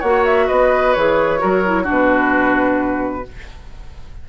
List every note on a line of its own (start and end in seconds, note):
0.00 0.49 A#3
0.00 0.97 F#4
0.00 0.46 C#5
0.00 0.24 F#5
0.25 0.48 E5
0.48 0.96 B3
0.48 1.40 B4
0.48 0.94 D#5
0.94 1.42 E3
0.94 1.39 G#4
0.94 1.86 C#5
1.39 1.89 F#3
1.39 1.62 F#4
1.39 1.84 A#4
1.66 1.84 E4
1.84 3.28 B2
1.84 3.23 D4
1.84 3.22 F#4
1.91 3.29 B4